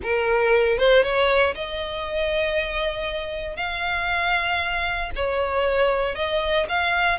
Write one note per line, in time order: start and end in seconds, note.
0.02 0.77 A#4
0.77 1.03 C5
1.03 1.54 C#5
1.55 3.56 D#5
3.56 5.10 F5
5.15 6.15 C#5
6.15 6.66 D#5
6.68 7.18 F5